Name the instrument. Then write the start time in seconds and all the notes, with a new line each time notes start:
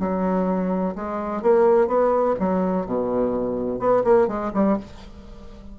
bassoon
0.00 F#3
0.95 G#3
1.42 A#3
1.87 B3
2.39 F#3
2.86 B2
3.80 B3
4.04 A#3
4.28 G#3
4.54 G3